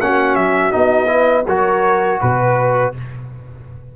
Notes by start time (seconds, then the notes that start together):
0.00 A#3 C#4 F#4 F#5
0.36 F#3 E5
0.71 B3 D#4 D#5
1.07 E4 B4
1.47 F#3 F#4 A#4 C#5
2.21 B2 B4